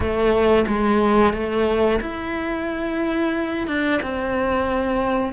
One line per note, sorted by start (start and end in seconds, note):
0.00 0.65 A3
0.67 1.33 G#3
1.33 2.00 A3
2.01 3.67 E4
3.67 4.00 D4
4.02 5.33 C4